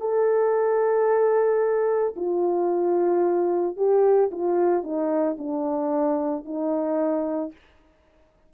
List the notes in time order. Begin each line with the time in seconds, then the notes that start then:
0.00 A4
2.16 F4
3.76 G4
4.31 F4
4.83 D#4
5.38 D4
6.45 D#4